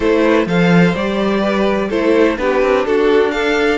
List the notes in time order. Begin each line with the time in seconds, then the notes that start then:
0.00 A3 E4 A4 C5
0.23 B4
0.46 F3 A4 C5 F5
0.94 G3 G4 D5
1.40 B4
1.89 A3 E4 A4 C5
2.37 B3 D4 G4 B4
2.62 C4
2.85 D4 F#4 A4
3.31 A4 F5